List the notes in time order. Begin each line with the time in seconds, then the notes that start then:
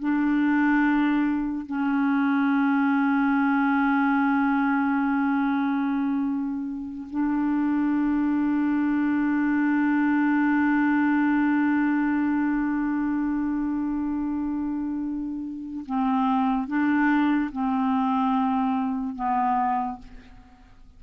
0.00 D4
1.66 C#4
7.11 D4
15.86 C4
16.68 D4
17.52 C4
19.16 B3